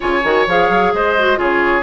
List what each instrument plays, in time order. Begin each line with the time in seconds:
0.00 bassoon C#3, clarinet F4, oboe C#5, flute G#5
0.23 bassoon D#3, clarinet F#4
0.46 bassoon F3, clarinet G#4, flute F5
0.69 bassoon F#3
0.93 bassoon G#3, oboe C5, flute D#5
1.18 clarinet F#4
1.36 bassoon C#3, clarinet F4, oboe G#4, flute C#5